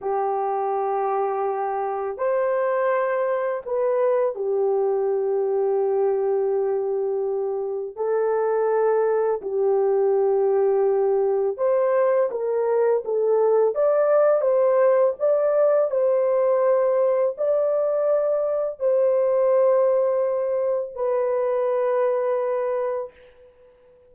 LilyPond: \new Staff \with { instrumentName = "horn" } { \time 4/4 \tempo 4 = 83 g'2. c''4~ | c''4 b'4 g'2~ | g'2. a'4~ | a'4 g'2. |
c''4 ais'4 a'4 d''4 | c''4 d''4 c''2 | d''2 c''2~ | c''4 b'2. | }